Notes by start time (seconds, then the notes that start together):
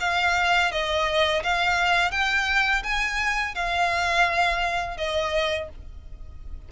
0.00 F5
0.71 D#5
1.43 F5
2.11 G5
2.83 G#5
3.55 F5
4.97 D#5